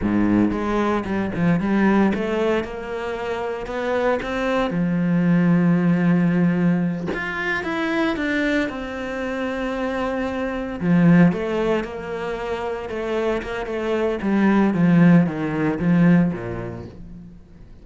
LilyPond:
\new Staff \with { instrumentName = "cello" } { \time 4/4 \tempo 4 = 114 gis,4 gis4 g8 f8 g4 | a4 ais2 b4 | c'4 f2.~ | f4. f'4 e'4 d'8~ |
d'8 c'2.~ c'8~ | c'8 f4 a4 ais4.~ | ais8 a4 ais8 a4 g4 | f4 dis4 f4 ais,4 | }